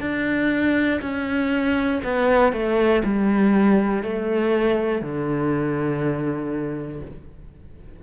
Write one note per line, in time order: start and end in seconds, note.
0.00 1.00 D4
1.01 2.01 C#4
2.04 2.52 B3
2.52 3.02 A3
3.04 4.03 G3
4.03 5.01 A3
5.01 7.01 D3